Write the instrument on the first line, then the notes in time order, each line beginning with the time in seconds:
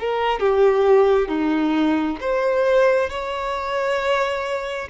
violin
0.00 A#4
0.40 G4
1.28 D#4
2.21 C5
3.10 C#5